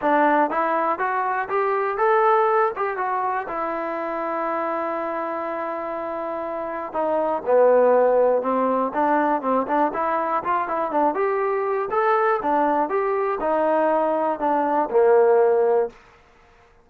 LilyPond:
\new Staff \with { instrumentName = "trombone" } { \time 4/4 \tempo 4 = 121 d'4 e'4 fis'4 g'4 | a'4. g'8 fis'4 e'4~ | e'1~ | e'2 dis'4 b4~ |
b4 c'4 d'4 c'8 d'8 | e'4 f'8 e'8 d'8 g'4. | a'4 d'4 g'4 dis'4~ | dis'4 d'4 ais2 | }